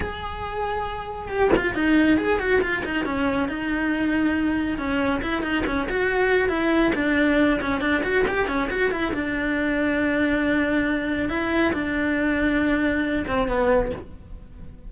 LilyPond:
\new Staff \with { instrumentName = "cello" } { \time 4/4 \tempo 4 = 138 gis'2. g'8 f'8 | dis'4 gis'8 fis'8 f'8 dis'8 cis'4 | dis'2. cis'4 | e'8 dis'8 cis'8 fis'4. e'4 |
d'4. cis'8 d'8 fis'8 g'8 cis'8 | fis'8 e'8 d'2.~ | d'2 e'4 d'4~ | d'2~ d'8 c'8 b4 | }